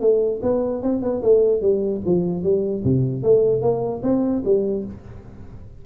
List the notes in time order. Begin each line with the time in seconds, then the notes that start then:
0.00 A3
0.42 B3
0.82 C4
1.02 B3
1.22 A3
1.61 G3
2.05 F3
2.43 G3
2.83 C3
3.22 A3
3.61 A#3
4.02 C4
4.45 G3